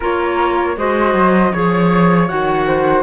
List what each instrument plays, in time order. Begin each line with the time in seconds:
0.00 cello A#3, clarinet F4, flute A#4 C#5
0.76 cello G#3, clarinet F#4, flute C5 D#5
1.13 cello F#3
1.51 cello F3, clarinet G#4, flute C#5
2.28 cello D#3, clarinet F#4, flute F#5
2.66 flute C5